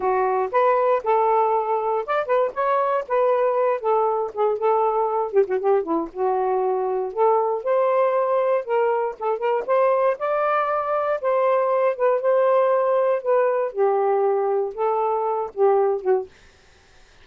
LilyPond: \new Staff \with { instrumentName = "saxophone" } { \time 4/4 \tempo 4 = 118 fis'4 b'4 a'2 | d''8 b'8 cis''4 b'4. a'8~ | a'8 gis'8 a'4. g'16 fis'16 g'8 e'8 | fis'2 a'4 c''4~ |
c''4 ais'4 a'8 ais'8 c''4 | d''2 c''4. b'8 | c''2 b'4 g'4~ | g'4 a'4. g'4 fis'8 | }